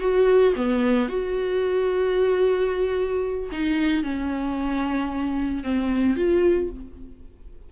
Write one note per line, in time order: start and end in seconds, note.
0.00 0.54 F#4
0.56 1.09 B3
1.09 3.50 F#4
3.52 4.03 D#4
4.03 5.63 C#4
5.63 6.16 C4
6.16 6.70 F4